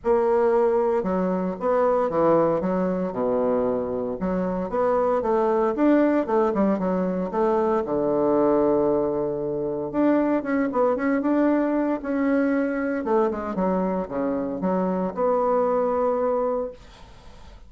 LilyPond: \new Staff \with { instrumentName = "bassoon" } { \time 4/4 \tempo 4 = 115 ais2 fis4 b4 | e4 fis4 b,2 | fis4 b4 a4 d'4 | a8 g8 fis4 a4 d4~ |
d2. d'4 | cis'8 b8 cis'8 d'4. cis'4~ | cis'4 a8 gis8 fis4 cis4 | fis4 b2. | }